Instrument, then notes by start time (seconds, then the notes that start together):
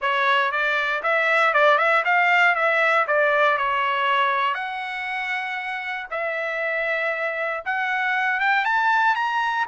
trumpet
0.01 C#5
0.51 D5
1.02 E5
1.53 D5
1.78 E5
2.04 F5
2.55 E5
3.07 D5
3.57 C#5
4.54 F#5
6.11 E5
7.65 F#5
8.39 G5
8.64 A5
9.15 A#5